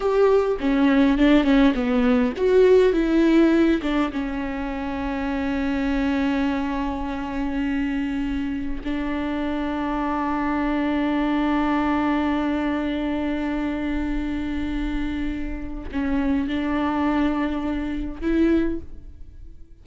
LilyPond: \new Staff \with { instrumentName = "viola" } { \time 4/4 \tempo 4 = 102 g'4 cis'4 d'8 cis'8 b4 | fis'4 e'4. d'8 cis'4~ | cis'1~ | cis'2. d'4~ |
d'1~ | d'1~ | d'2. cis'4 | d'2. e'4 | }